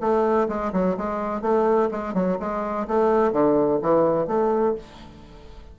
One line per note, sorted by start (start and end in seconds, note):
0.00 0.48 A3
0.48 0.72 G#3
0.73 0.96 F#3
0.97 1.42 G#3
1.42 1.89 A3
1.91 2.14 G#3
2.14 2.37 F#3
2.39 2.87 G#3
2.87 3.32 A3
3.32 3.80 D3
3.82 4.27 E3
4.27 4.75 A3